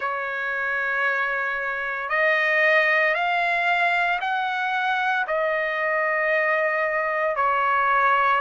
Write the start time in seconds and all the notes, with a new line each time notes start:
0.00 C#5
2.09 D#5
3.14 F5
4.21 F#5
5.27 D#5
7.36 C#5